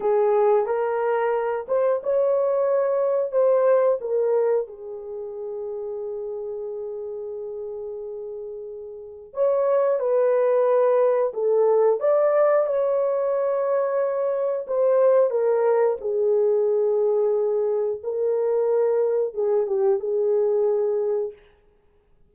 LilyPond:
\new Staff \with { instrumentName = "horn" } { \time 4/4 \tempo 4 = 90 gis'4 ais'4. c''8 cis''4~ | cis''4 c''4 ais'4 gis'4~ | gis'1~ | gis'2 cis''4 b'4~ |
b'4 a'4 d''4 cis''4~ | cis''2 c''4 ais'4 | gis'2. ais'4~ | ais'4 gis'8 g'8 gis'2 | }